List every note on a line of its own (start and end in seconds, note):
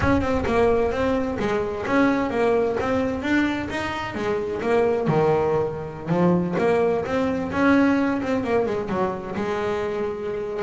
0.00 0.21 C#4
0.21 0.44 C4
0.46 0.91 A#3
0.91 1.37 C4
1.39 1.85 G#3
1.86 2.30 C#4
2.30 2.76 A#3
2.80 3.22 C4
3.22 3.68 D4
3.70 4.15 D#4
4.15 4.61 G#3
4.61 5.07 A#3
5.07 6.09 D#3
6.09 6.55 F3
6.58 7.04 A#3
7.05 7.51 C4
7.52 8.21 C#4
8.22 8.44 C4
8.44 8.66 A#3
8.66 8.89 G#3
8.89 9.35 F#3
9.35 10.62 G#3